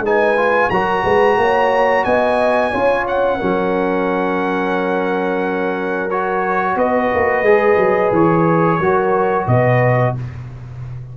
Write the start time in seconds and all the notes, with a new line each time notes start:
0.00 G#3 D#4 B4 G#5
0.37 F4
0.70 F#3 F#4 A#4 A#5
1.03 G#3 B4
1.37 A#3 C#5
2.04 B3 D#5 G#5
2.71 C#4 F4 C#5
3.07 F#5
3.36 F#3 C#4 A#4
6.10 F#4 C#5
6.76 B3 B4 D#5
7.14 A#3
7.42 G#3 G#4
7.77 F#3
8.12 E3 C#5
8.79 F#3 F#4 A#4
9.47 B2 B4 D#5